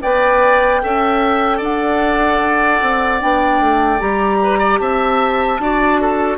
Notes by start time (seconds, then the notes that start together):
0.00 B3 B4 D5 G5
0.81 C#4 A4 E5
1.57 D4 D5 F#5
2.81 C4
3.19 B3 D4 G5
3.60 A3
3.99 G3 G4 A#5
4.42 B4
4.58 D5
4.78 C4 E5 A5
5.58 D4 F#4 D5
6.01 A4